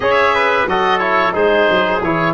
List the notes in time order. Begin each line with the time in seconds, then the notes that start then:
0.00 C#4 G#4 C#5 E5
0.34 B4
0.66 F#3 F#4 A4 D#5
0.99 E4 C#5
1.32 G#3 D#4 G#4 C5
1.70 F#3
2.02 E3 E4 C#5